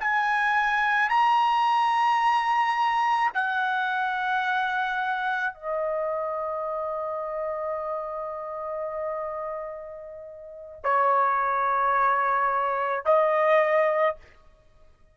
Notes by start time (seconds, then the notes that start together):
0.00 G#5
1.10 A#5
3.34 F#5
5.54 D#5
10.84 C#5
13.05 D#5